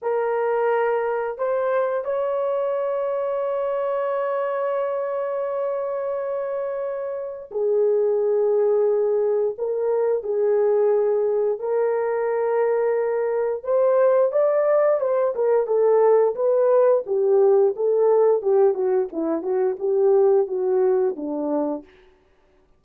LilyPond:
\new Staff \with { instrumentName = "horn" } { \time 4/4 \tempo 4 = 88 ais'2 c''4 cis''4~ | cis''1~ | cis''2. gis'4~ | gis'2 ais'4 gis'4~ |
gis'4 ais'2. | c''4 d''4 c''8 ais'8 a'4 | b'4 g'4 a'4 g'8 fis'8 | e'8 fis'8 g'4 fis'4 d'4 | }